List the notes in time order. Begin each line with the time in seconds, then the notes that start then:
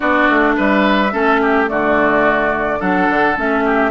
0.00 B3 D4 F#4 D5
0.29 A3
0.56 G3 B4 E5
1.12 A3 C#4 A4
1.41 G4
1.66 D3 A3 F#4 D5
2.79 F#3 D4 A4 F#5
3.09 D3
3.36 A3 C#4 E5
3.65 G4